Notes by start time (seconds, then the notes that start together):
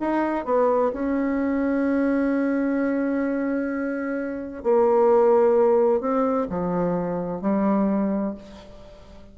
0.00 D#4
0.45 B3
0.93 C#4
4.63 A#3
6.00 C4
6.49 F3
7.41 G3